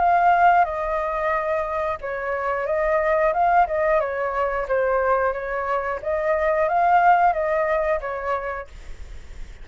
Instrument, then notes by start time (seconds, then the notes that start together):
flute
0.00 F5
0.65 D#5
2.02 C#5
2.67 D#5
3.34 F5
3.67 D#5
4.01 C#5
4.69 C5
5.34 C#5
6.03 D#5
6.69 F5
7.34 D#5
8.01 C#5